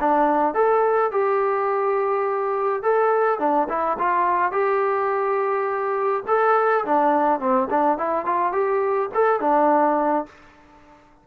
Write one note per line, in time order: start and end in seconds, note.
0.00 0.54 D4
0.54 1.11 A4
1.11 2.83 G4
2.83 3.39 A4
3.39 3.68 D4
3.69 3.97 E4
3.99 4.52 F4
4.52 6.23 G4
6.28 6.85 A4
6.85 7.40 D4
7.40 7.68 C4
7.70 7.98 D4
7.98 8.25 E4
8.25 8.52 F4
8.52 9.09 G4
9.14 9.40 A4
9.40 10.26 D4